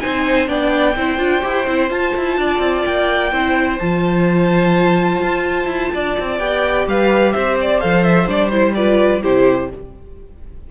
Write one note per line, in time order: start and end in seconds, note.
0.00 0.48 C4
0.00 0.47 D#4
0.00 0.48 C5
0.00 0.47 G#5
0.47 0.95 B3
0.47 0.94 D4
0.47 0.96 D5
0.47 1.90 G5
0.96 1.18 C4
0.96 1.17 E4
0.96 2.39 C5
1.17 1.42 D4
1.17 1.41 F4
1.41 1.66 E4
1.41 1.65 G4
1.66 1.90 C4
1.66 1.89 E4
1.89 3.31 F4
1.89 2.13 F4
1.89 2.85 A5
2.16 2.37 E4
2.37 2.58 D4
2.37 3.33 D5
2.58 2.82 C4
2.85 3.32 A#3
2.85 3.78 G5
3.32 3.79 C4
3.32 3.79 E4
3.32 5.93 C5
3.78 5.21 F3
3.78 6.39 F4
3.78 6.38 A5
5.21 5.66 F4
5.66 5.90 E4
5.93 6.18 D4
5.93 6.88 D5
6.19 6.39 C4
6.38 6.86 B3
6.38 7.79 G4
6.38 6.85 G5
6.86 7.34 G3
6.86 7.33 B4
6.86 7.32 F5
7.32 7.82 C4
7.32 8.75 C5
7.32 7.56 E5
7.61 7.80 D5
7.79 8.28 F3
7.79 8.27 A4
7.79 8.03 F5
8.03 8.27 E5
8.27 9.22 G3
8.27 8.50 D4
8.27 8.49 D5
8.49 8.75 E4
8.49 8.73 C5
8.74 9.22 F4
8.74 9.22 B4
8.74 9.22 D5
9.22 9.71 C3
9.22 9.69 E4
9.22 9.69 G4
9.22 9.70 C5